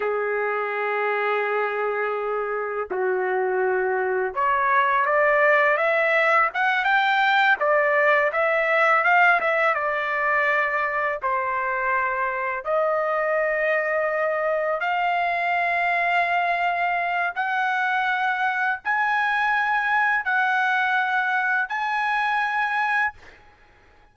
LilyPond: \new Staff \with { instrumentName = "trumpet" } { \time 4/4 \tempo 4 = 83 gis'1 | fis'2 cis''4 d''4 | e''4 fis''8 g''4 d''4 e''8~ | e''8 f''8 e''8 d''2 c''8~ |
c''4. dis''2~ dis''8~ | dis''8 f''2.~ f''8 | fis''2 gis''2 | fis''2 gis''2 | }